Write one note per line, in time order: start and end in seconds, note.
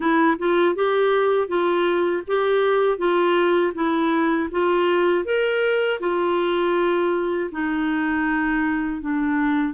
0.00 0.37 E4
0.38 0.75 F4
0.75 1.48 G4
1.48 2.23 F4
2.27 2.98 G4
2.98 3.73 F4
3.74 4.49 E4
4.51 5.24 F4
5.24 5.99 A#4
6.00 7.50 F4
7.51 9.01 D#4
9.01 9.73 D4